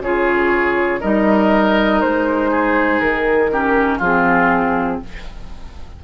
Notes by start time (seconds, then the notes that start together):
0.00 C#3 F4 G#4 C#5
1.00 G3 D#4 A#4 D#5
2.01 G#3 C5
2.50 G#4
3.00 D#3 A#4
3.51 C#4 G4
3.98 F3 C4 F4 G#4